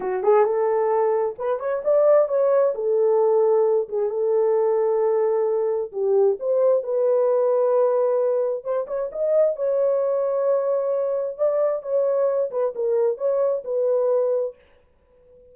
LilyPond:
\new Staff \with { instrumentName = "horn" } { \time 4/4 \tempo 4 = 132 fis'8 gis'8 a'2 b'8 cis''8 | d''4 cis''4 a'2~ | a'8 gis'8 a'2.~ | a'4 g'4 c''4 b'4~ |
b'2. c''8 cis''8 | dis''4 cis''2.~ | cis''4 d''4 cis''4. b'8 | ais'4 cis''4 b'2 | }